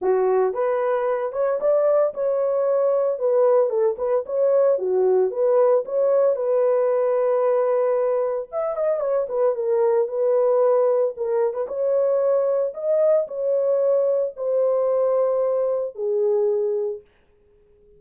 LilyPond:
\new Staff \with { instrumentName = "horn" } { \time 4/4 \tempo 4 = 113 fis'4 b'4. cis''8 d''4 | cis''2 b'4 a'8 b'8 | cis''4 fis'4 b'4 cis''4 | b'1 |
e''8 dis''8 cis''8 b'8 ais'4 b'4~ | b'4 ais'8. b'16 cis''2 | dis''4 cis''2 c''4~ | c''2 gis'2 | }